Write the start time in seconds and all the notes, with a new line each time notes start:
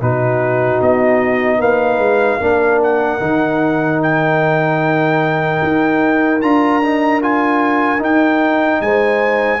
0.00 B2 D#4 F#4 B4
0.81 B3 D#5
1.58 A#3 B4 F5
1.98 G#3
2.40 A#3 D4 A#4
2.83 F#5
3.20 D#3 D#4
4.02 G5
5.62 D#4
6.41 D4 F4 A#5
6.82 D#4
7.21 F4 G#5
7.98 D#4 G5
8.80 G#3 C5 G#5